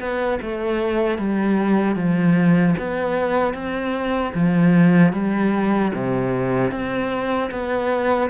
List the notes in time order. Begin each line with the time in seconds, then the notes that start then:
0.00 B3
0.42 A3
1.18 G3
1.96 F3
2.78 B3
3.55 C4
4.35 F3
5.13 G3
5.95 C3
6.72 C4
7.51 B3